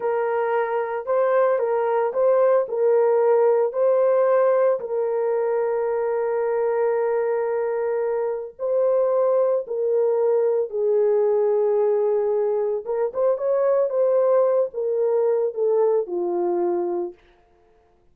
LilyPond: \new Staff \with { instrumentName = "horn" } { \time 4/4 \tempo 4 = 112 ais'2 c''4 ais'4 | c''4 ais'2 c''4~ | c''4 ais'2.~ | ais'1 |
c''2 ais'2 | gis'1 | ais'8 c''8 cis''4 c''4. ais'8~ | ais'4 a'4 f'2 | }